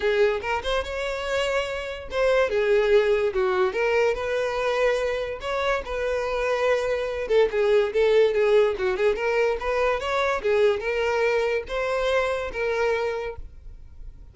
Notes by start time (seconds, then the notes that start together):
0.00 G#4
0.41 A#4
0.63 C5
0.83 C#5
2.10 C5
2.49 G#4
3.33 F#4
3.72 A#4
4.14 B4
5.41 C#5
5.85 B4
7.27 A4
7.51 G#4
7.93 A4
8.33 G#4
8.78 F#4
8.96 G#4
9.15 A#4
9.60 B4
9.99 C#5
10.42 G#4
10.79 A#4
11.67 C5
12.52 A#4